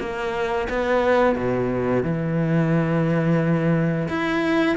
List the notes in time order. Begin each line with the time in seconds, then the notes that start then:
0.00 A#3
0.69 B3
1.36 B2
2.04 E3
4.09 E4